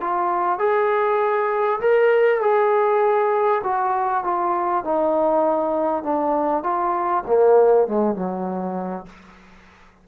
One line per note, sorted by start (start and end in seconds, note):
0.00 0.59 F4
0.59 1.80 G#4
1.80 2.40 A#4
2.40 3.62 G#4
3.63 4.24 F#4
4.24 4.84 F4
4.84 6.03 D#4
6.03 6.63 D4
6.63 7.23 F4
7.27 7.87 A#3
7.87 8.15 G#3
8.15 9.06 F#3